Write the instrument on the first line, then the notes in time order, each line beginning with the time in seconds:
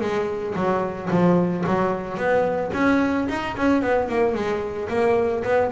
double bass
0.00 G#3
0.55 F#3
1.10 F3
1.66 F#3
2.17 B3
2.73 C#4
3.29 D#4
3.57 C#4
3.82 B3
4.09 A#3
4.34 G#3
4.89 A#3
5.44 B3